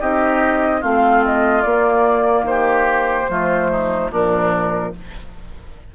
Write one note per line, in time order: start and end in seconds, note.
0.00 0.83 C4
0.00 0.81 D#4
0.00 0.81 G4
0.00 0.83 D#5
0.81 1.65 A3
0.81 1.63 C4
0.81 2.45 F4
0.81 1.25 F5
1.26 1.62 D#5
1.62 2.42 A#3
1.62 3.29 A#3
1.62 2.44 D5
2.42 3.24 D#3
2.42 4.11 C5
2.49 3.30 G4
3.29 4.10 F3
3.29 4.11 A3
3.29 3.71 F4
3.71 4.11 D#4
4.10 4.93 A#2
4.10 4.95 F3
4.10 4.93 D4
4.10 4.95 A#4